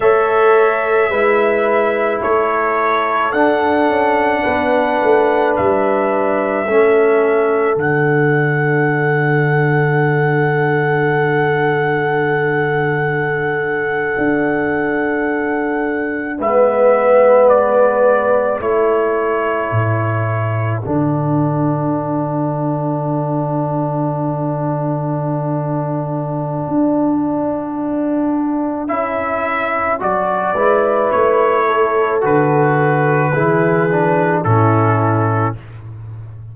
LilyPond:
<<
  \new Staff \with { instrumentName = "trumpet" } { \time 4/4 \tempo 4 = 54 e''2 cis''4 fis''4~ | fis''4 e''2 fis''4~ | fis''1~ | fis''2~ fis''8. e''4 d''16~ |
d''8. cis''2 fis''4~ fis''16~ | fis''1~ | fis''2 e''4 d''4 | cis''4 b'2 a'4 | }
  \new Staff \with { instrumentName = "horn" } { \time 4/4 cis''4 b'4 a'2 | b'2 a'2~ | a'1~ | a'2~ a'8. b'4~ b'16~ |
b'8. a'2.~ a'16~ | a'1~ | a'2.~ a'8 b'8~ | b'8 a'4. gis'4 e'4 | }
  \new Staff \with { instrumentName = "trombone" } { \time 4/4 a'4 e'2 d'4~ | d'2 cis'4 d'4~ | d'1~ | d'2~ d'8. b4~ b16~ |
b8. e'2 d'4~ d'16~ | d'1~ | d'2 e'4 fis'8 e'8~ | e'4 fis'4 e'8 d'8 cis'4 | }
  \new Staff \with { instrumentName = "tuba" } { \time 4/4 a4 gis4 a4 d'8 cis'8 | b8 a8 g4 a4 d4~ | d1~ | d8. d'2 gis4~ gis16~ |
gis8. a4 a,4 d4~ d16~ | d1 | d'2 cis'4 fis8 gis8 | a4 d4 e4 a,4 | }
>>